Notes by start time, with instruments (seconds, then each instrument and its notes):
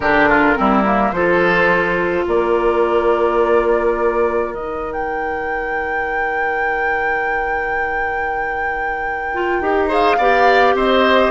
0.00 bassoon D3, clarinet D4, oboe G4, flute A#4
0.29 oboe F4
0.56 bassoon G3, clarinet C4, oboe E4
0.85 clarinet A#3
1.11 bassoon F3, clarinet F4, oboe A4, flute C5
2.27 bassoon A#3, oboe A#4, flute D5
4.53 bassoon D#3, clarinet D#4, flute D#5
4.93 flute G5
9.33 clarinet F4
9.60 bassoon D#4, clarinet G4
9.88 clarinet G#4, oboe C5, flute F5
10.17 bassoon B3, clarinet G4, oboe D5
10.74 bassoon C4, oboe C5, flute D#5